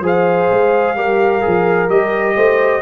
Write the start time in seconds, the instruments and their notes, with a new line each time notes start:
0.00 tuba F3, trombone G#4, horn C5
0.06 trumpet F5
0.51 tuba G#3
0.95 tuba G3, trombone G4, horn A#4
1.40 trombone G#4
1.47 tuba F3
1.88 tuba G3, trombone G4, trumpet D#5
2.35 tuba A3, horn C5